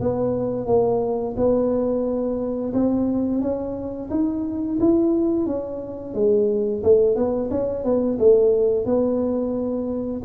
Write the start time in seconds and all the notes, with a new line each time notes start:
0.00 B3
0.67 A#3
1.36 B3
2.73 C4
3.41 C#4
4.10 D#4
4.80 E4
5.46 C#4
6.14 G#3
6.83 A3
7.16 B3
7.51 C#4
7.84 B3
8.18 A3
8.85 B3